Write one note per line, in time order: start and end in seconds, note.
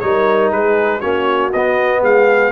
0.00 0.53 G3
0.00 1.02 D#4
0.00 0.55 A#4
0.00 0.50 C#5
0.52 1.02 G#3
0.52 1.00 G#4
0.52 1.01 B4
1.00 1.53 A#3
1.00 1.52 C#4
1.00 2.00 F#4
1.00 1.51 C#5
1.53 2.03 B3
1.53 2.53 B3
1.53 2.03 D#5
2.03 2.53 G#3
2.03 2.53 G#4
2.03 2.53 F5